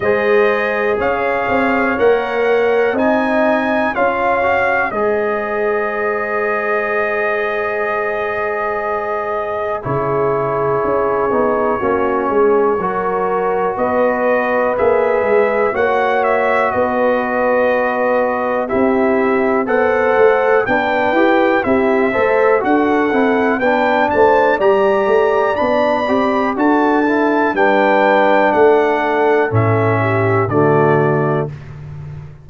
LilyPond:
<<
  \new Staff \with { instrumentName = "trumpet" } { \time 4/4 \tempo 4 = 61 dis''4 f''4 fis''4 gis''4 | f''4 dis''2.~ | dis''2 cis''2~ | cis''2 dis''4 e''4 |
fis''8 e''8 dis''2 e''4 | fis''4 g''4 e''4 fis''4 | g''8 a''8 ais''4 b''4 a''4 | g''4 fis''4 e''4 d''4 | }
  \new Staff \with { instrumentName = "horn" } { \time 4/4 c''4 cis''2 dis''4 | cis''4 c''2.~ | c''2 gis'2 | fis'8 gis'8 ais'4 b'2 |
cis''4 b'2 g'4 | c''4 b'4 g'8 c''8 a'4 | b'8 c''8 d''2 a'4 | b'4 a'4. g'8 fis'4 | }
  \new Staff \with { instrumentName = "trombone" } { \time 4/4 gis'2 ais'4 dis'4 | f'8 fis'8 gis'2.~ | gis'2 e'4. dis'8 | cis'4 fis'2 gis'4 |
fis'2. e'4 | a'4 d'8 g'8 e'8 a'8 fis'8 e'8 | d'4 g'4 d'8 g'8 fis'8 e'8 | d'2 cis'4 a4 | }
  \new Staff \with { instrumentName = "tuba" } { \time 4/4 gis4 cis'8 c'8 ais4 c'4 | cis'4 gis2.~ | gis2 cis4 cis'8 b8 | ais8 gis8 fis4 b4 ais8 gis8 |
ais4 b2 c'4 | b8 a8 b8 e'8 c'8 a8 d'8 c'8 | b8 a8 g8 a8 b8 c'8 d'4 | g4 a4 a,4 d4 | }
>>